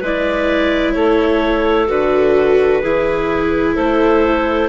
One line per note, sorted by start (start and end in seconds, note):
0.00 0.96 G#3
0.00 1.88 E4
0.00 0.94 B4
0.00 0.93 D5
0.93 1.89 A3
0.93 2.81 A4
0.93 1.86 C#5
1.88 2.83 D3
1.88 2.82 F#4
1.88 3.75 B4
2.81 3.77 E3
2.81 4.69 E4
2.81 3.75 G#4
3.75 4.69 A3
3.75 4.69 A4
3.75 4.69 C5